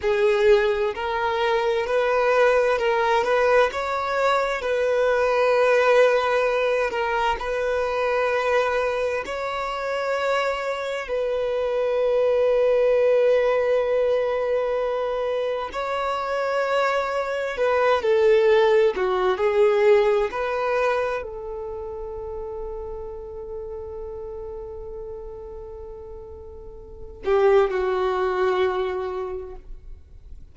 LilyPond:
\new Staff \with { instrumentName = "violin" } { \time 4/4 \tempo 4 = 65 gis'4 ais'4 b'4 ais'8 b'8 | cis''4 b'2~ b'8 ais'8 | b'2 cis''2 | b'1~ |
b'4 cis''2 b'8 a'8~ | a'8 fis'8 gis'4 b'4 a'4~ | a'1~ | a'4. g'8 fis'2 | }